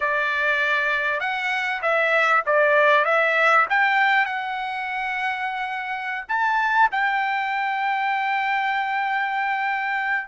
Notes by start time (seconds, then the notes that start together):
0.00 D5
1.20 F#5
1.81 E5
2.45 D5
3.04 E5
3.69 G5
4.26 F#5
6.28 A5
6.91 G5